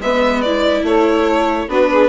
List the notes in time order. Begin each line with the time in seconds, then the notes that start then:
0.00 G#3 B3 B4 E5
0.42 E4 D5
0.84 A3 A4 C#5
1.68 B3 D4 F#4 B4
1.92 G#4